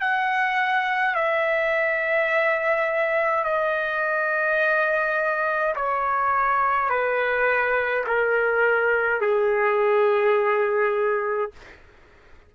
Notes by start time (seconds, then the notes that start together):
0.00 F#5
1.14 E5
3.44 D#5
5.75 C#5
6.89 B4
8.06 A#4
9.20 G#4